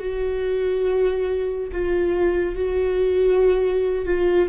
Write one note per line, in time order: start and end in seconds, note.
0.00 1.71 F#4
1.72 2.56 F4
2.56 4.06 F#4
4.06 4.49 F4